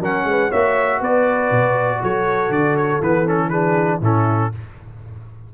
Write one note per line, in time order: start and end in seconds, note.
0.00 0.24 F#3
0.00 0.52 C#4
0.00 0.25 A#4
0.00 0.52 F#5
0.24 0.49 G#3
0.24 0.50 B4
0.50 1.01 A#3
0.50 3.02 F#4
0.50 1.00 C#5
0.50 1.02 E5
1.00 1.51 B3
1.00 2.00 B4
1.00 2.03 D5
1.51 2.01 B2
2.02 2.50 F#3
2.02 3.49 A4
2.02 2.52 C#5
2.50 3.00 D3
2.50 2.77 D5
2.77 3.02 C#5
3.01 4.01 E3
3.01 3.26 B3
3.01 3.28 B4
3.26 3.51 C#4
3.26 3.49 A4
3.49 4.02 D4
3.49 3.99 G#4
3.49 3.99 B4
4.01 4.51 A2
4.01 4.52 C#4
4.01 4.51 E4
4.01 4.54 A4